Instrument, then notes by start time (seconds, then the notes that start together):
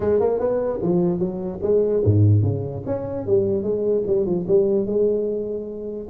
tuba
0.00 G#3
0.19 A#3
0.39 B3
0.82 F3
1.19 F#3
1.62 G#3
2.05 G#2
2.42 C#3
2.86 C#4
3.26 G3
3.62 G#3
4.07 G3
4.26 F3
4.47 G3
4.86 G#3